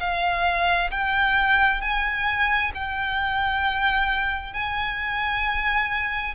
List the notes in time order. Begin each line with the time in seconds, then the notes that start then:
0.00 F5
0.91 G5
1.81 G#5
2.75 G5
4.53 G#5